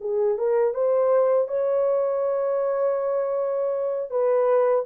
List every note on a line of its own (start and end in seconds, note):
0.00 0.38 G#4
0.38 0.74 A#4
0.74 1.48 C5
1.48 4.10 C#5
4.10 4.85 B4